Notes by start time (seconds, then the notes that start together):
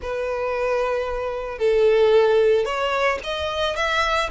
0.01 B4
1.58 A4
2.65 C#5
3.23 D#5
3.76 E5